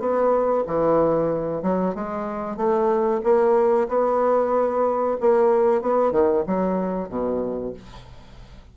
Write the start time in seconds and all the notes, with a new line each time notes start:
0.00 B3
0.67 E3
1.63 F#3
1.95 G#3
2.57 A3
3.24 A#3
3.89 B3
5.21 A#3
5.82 B3
6.12 D#3
6.48 F#3
7.09 B2